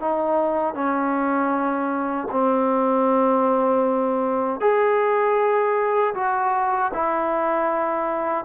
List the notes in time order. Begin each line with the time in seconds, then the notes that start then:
0.00 D#4
0.74 C#4
2.31 C4
4.60 G#4
6.14 F#4
6.94 E4